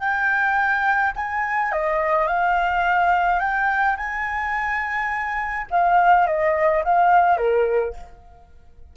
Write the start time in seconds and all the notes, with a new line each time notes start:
0.00 G5
1.16 G#5
1.72 D#5
2.28 F5
3.40 G5
3.97 G#5
5.70 F5
6.27 D#5
6.84 F5
7.37 A#4